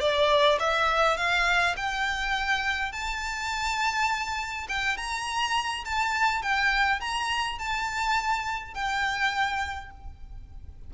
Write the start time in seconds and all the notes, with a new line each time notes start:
0.00 D5
0.59 E5
1.17 F5
1.77 G5
2.92 A5
4.68 G5
4.97 A#5
5.85 A5
6.42 G5
7.00 A#5
7.59 A5
8.74 G5